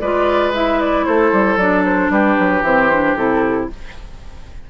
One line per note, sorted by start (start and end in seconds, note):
0.00 1.07 G#3
0.00 0.54 F4
0.00 1.07 B4
0.00 0.53 D5
0.54 1.59 E4
0.54 0.80 E5
0.80 1.05 D5
1.05 1.33 A3
1.05 2.13 A4
1.05 1.58 C5
1.33 1.57 G3
1.57 2.09 F#3
1.57 2.65 D4
1.57 1.84 D5
1.85 2.12 C5
2.10 2.36 G3
2.10 3.71 G4
2.10 2.65 B4
2.40 2.62 F#3
2.62 3.15 E3
2.62 2.92 C4
2.62 3.17 C5
2.93 3.18 D4
3.16 3.69 C3
3.16 3.71 E4
3.16 3.69 A4